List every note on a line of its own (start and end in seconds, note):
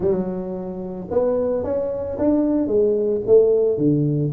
0.00 1.07 F#3
1.10 1.63 B3
1.63 2.17 C#4
2.18 2.67 D4
2.67 3.21 G#3
3.26 3.77 A3
3.77 4.31 D3